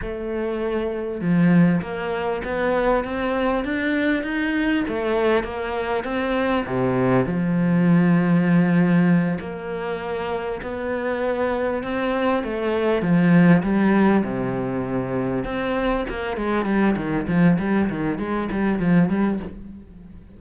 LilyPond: \new Staff \with { instrumentName = "cello" } { \time 4/4 \tempo 4 = 99 a2 f4 ais4 | b4 c'4 d'4 dis'4 | a4 ais4 c'4 c4 | f2.~ f8 ais8~ |
ais4. b2 c'8~ | c'8 a4 f4 g4 c8~ | c4. c'4 ais8 gis8 g8 | dis8 f8 g8 dis8 gis8 g8 f8 g8 | }